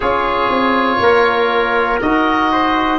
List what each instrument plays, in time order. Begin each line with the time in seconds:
0.00 tuba C#4, trombone F4, trumpet G#4, oboe C#5
0.49 tuba C4
0.99 tuba A#3, trumpet A#4
2.01 tuba D#4, trombone F#4, oboe D#5
2.52 trumpet C5